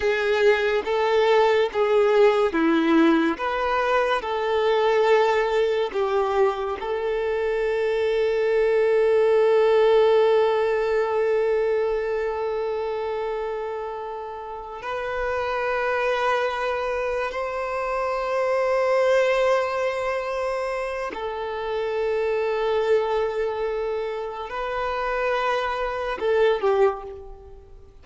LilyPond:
\new Staff \with { instrumentName = "violin" } { \time 4/4 \tempo 4 = 71 gis'4 a'4 gis'4 e'4 | b'4 a'2 g'4 | a'1~ | a'1~ |
a'4. b'2~ b'8~ | b'8 c''2.~ c''8~ | c''4 a'2.~ | a'4 b'2 a'8 g'8 | }